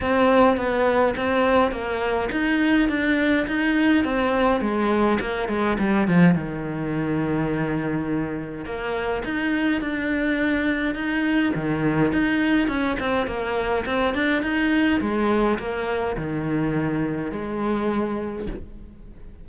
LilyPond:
\new Staff \with { instrumentName = "cello" } { \time 4/4 \tempo 4 = 104 c'4 b4 c'4 ais4 | dis'4 d'4 dis'4 c'4 | gis4 ais8 gis8 g8 f8 dis4~ | dis2. ais4 |
dis'4 d'2 dis'4 | dis4 dis'4 cis'8 c'8 ais4 | c'8 d'8 dis'4 gis4 ais4 | dis2 gis2 | }